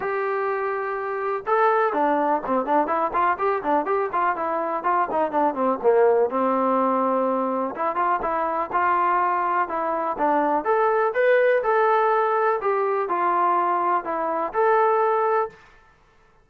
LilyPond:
\new Staff \with { instrumentName = "trombone" } { \time 4/4 \tempo 4 = 124 g'2. a'4 | d'4 c'8 d'8 e'8 f'8 g'8 d'8 | g'8 f'8 e'4 f'8 dis'8 d'8 c'8 | ais4 c'2. |
e'8 f'8 e'4 f'2 | e'4 d'4 a'4 b'4 | a'2 g'4 f'4~ | f'4 e'4 a'2 | }